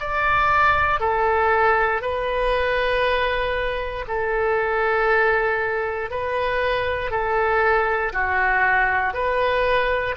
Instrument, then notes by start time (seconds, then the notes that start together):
oboe
0.00 D5
1.00 A4
2.02 B4
4.08 A4
6.10 B4
7.11 A4
8.13 F#4
9.14 B4